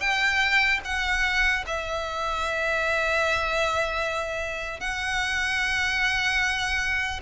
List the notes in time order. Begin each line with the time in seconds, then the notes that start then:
0.00 G5
0.85 F#5
1.67 E5
4.80 F#5